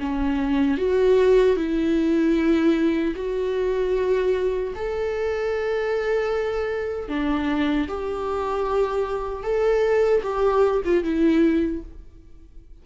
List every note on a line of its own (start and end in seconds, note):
0.00 0.77 C#4
0.77 1.56 F#4
1.56 3.14 E4
3.15 4.73 F#4
4.75 7.08 A4
7.08 7.87 D4
7.88 9.43 G4
9.43 10.22 A4
10.22 10.82 G4
10.84 11.03 F4
11.03 11.82 E4